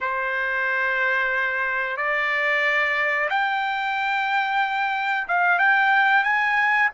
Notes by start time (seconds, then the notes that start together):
0.00 C5
1.97 D5
3.29 G5
5.27 F5
5.58 G5
6.23 G#5